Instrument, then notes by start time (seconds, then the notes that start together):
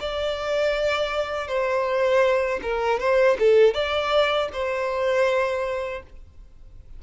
violin
0.00 D5
1.47 C5
2.62 A#4
3.00 C5
3.39 A4
3.74 D5
4.53 C5